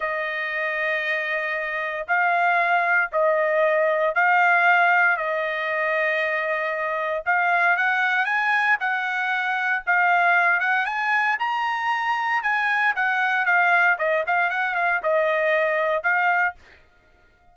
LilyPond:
\new Staff \with { instrumentName = "trumpet" } { \time 4/4 \tempo 4 = 116 dis''1 | f''2 dis''2 | f''2 dis''2~ | dis''2 f''4 fis''4 |
gis''4 fis''2 f''4~ | f''8 fis''8 gis''4 ais''2 | gis''4 fis''4 f''4 dis''8 f''8 | fis''8 f''8 dis''2 f''4 | }